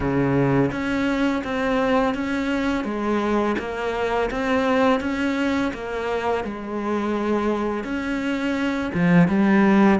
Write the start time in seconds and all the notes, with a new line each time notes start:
0.00 C#3
0.71 C#4
1.44 C4
2.14 C#4
2.84 G#3
3.58 A#3
4.31 C4
5.00 C#4
5.73 A#3
6.44 G#3
7.84 C#4
8.94 F3
9.28 G3